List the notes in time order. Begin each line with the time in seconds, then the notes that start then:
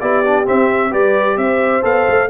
0.00 B3 E4 G4 D5
0.24 D4
0.44 C4 E5
0.90 G3 G4 B4 D5
1.37 C4 C5 E5
1.81 B3 A4 F5
2.08 A3